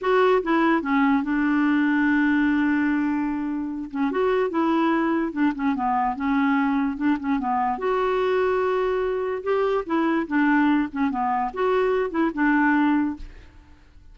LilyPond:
\new Staff \with { instrumentName = "clarinet" } { \time 4/4 \tempo 4 = 146 fis'4 e'4 cis'4 d'4~ | d'1~ | d'4. cis'8 fis'4 e'4~ | e'4 d'8 cis'8 b4 cis'4~ |
cis'4 d'8 cis'8 b4 fis'4~ | fis'2. g'4 | e'4 d'4. cis'8 b4 | fis'4. e'8 d'2 | }